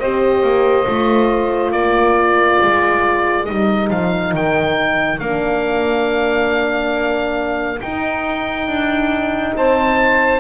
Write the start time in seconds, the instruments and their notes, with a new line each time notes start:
0.00 double bass C4, horn G4, saxophone C5, oboe D#5
0.43 double bass A#3
0.86 double bass A3, horn F4
1.72 double bass A#3, saxophone A#4, oboe D5
2.63 double bass G#3
3.45 double bass G3, horn D#4, oboe D#5
3.91 double bass F3, oboe F5
4.34 double bass D#3, oboe G5
5.20 double bass A#3, horn D4, oboe F5
7.81 horn D#4, double bass D#4, oboe G5
8.68 double bass D4
9.55 double bass C4, saxophone C5, oboe A5